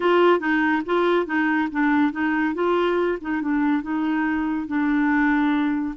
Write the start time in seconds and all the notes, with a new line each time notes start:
0.00 F4
0.39 D#4
0.85 F4
1.26 D#4
1.71 D4
2.12 D#4
2.54 F4
3.21 D#4
3.41 D4
3.82 D#4
4.67 D4